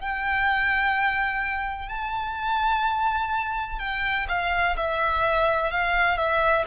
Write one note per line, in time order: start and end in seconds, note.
0.00 1.88 G5
1.88 3.79 A5
3.79 4.26 G5
4.29 4.76 F5
4.77 5.71 E5
5.71 6.17 F5
6.17 6.65 E5